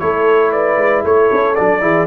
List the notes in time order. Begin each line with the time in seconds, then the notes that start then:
0.00 A3 E4 A4 C#5
0.52 B4 D5
0.78 G#3
1.04 A3 A4 C#5
1.33 C#4
1.55 F#3 D4 D5
1.81 E3 E4 G#4